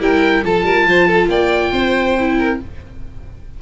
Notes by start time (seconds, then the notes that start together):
0.00 G3 E4 A#4 G5
0.43 F3 F4 A4 A5
0.64 G3 A#4
0.85 F3 C5
1.08 A4
1.29 A#3 D5 G5
1.72 C4 C5
2.19 E4
2.38 A#4